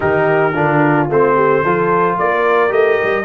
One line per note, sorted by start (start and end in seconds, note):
0.00 0.53 D#3
0.00 0.52 D#4
0.00 0.53 G4
0.00 1.08 A#4
0.53 1.07 D3
0.53 1.09 D4
0.53 1.35 F4
1.09 1.64 A3
1.09 1.65 C4
1.09 2.18 C5
1.35 1.62 G4
1.63 2.18 F3
1.63 2.69 F4
1.63 2.17 A4
2.18 2.71 A#3
2.18 3.25 A#4
2.18 2.72 D5
2.69 2.99 A3
2.69 3.23 G4
2.69 3.25 D#5
3.03 3.25 G3